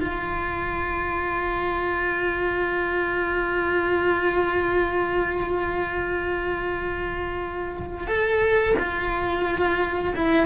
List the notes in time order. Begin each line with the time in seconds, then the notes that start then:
0.00 F4
8.07 A4
8.79 F4
10.15 E4